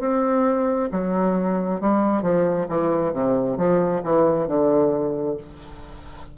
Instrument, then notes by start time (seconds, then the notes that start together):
bassoon
0.00 C4
0.92 F#3
1.81 G3
2.23 F3
2.69 E3
3.13 C3
3.57 F3
4.04 E3
4.48 D3